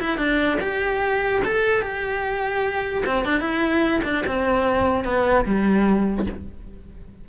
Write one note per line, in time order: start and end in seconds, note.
0.00 0.18 E4
0.18 0.58 D4
0.61 1.42 G4
1.45 1.82 A4
1.82 3.04 G4
3.06 3.25 C4
3.25 3.40 D4
3.40 4.01 E4
4.04 4.25 D4
4.27 5.04 C4
5.04 5.45 B3
5.45 6.26 G3